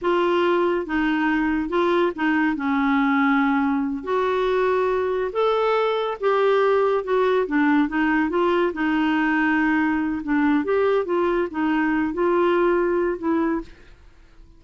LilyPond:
\new Staff \with { instrumentName = "clarinet" } { \time 4/4 \tempo 4 = 141 f'2 dis'2 | f'4 dis'4 cis'2~ | cis'4. fis'2~ fis'8~ | fis'8 a'2 g'4.~ |
g'8 fis'4 d'4 dis'4 f'8~ | f'8 dis'2.~ dis'8 | d'4 g'4 f'4 dis'4~ | dis'8 f'2~ f'8 e'4 | }